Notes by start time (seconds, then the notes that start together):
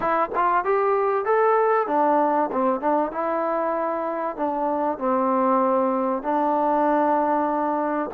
0.00 E4
0.35 F4
0.64 G4
1.25 A4
1.87 D4
2.52 C4
2.80 D4
3.11 E4
4.36 D4
4.98 C4
6.22 D4